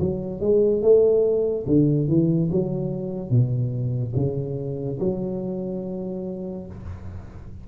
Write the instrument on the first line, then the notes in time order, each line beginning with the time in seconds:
tuba
0.00 F#3
0.41 G#3
0.82 A3
1.67 D3
2.09 E3
2.52 F#3
3.30 B2
4.16 C#3
5.00 F#3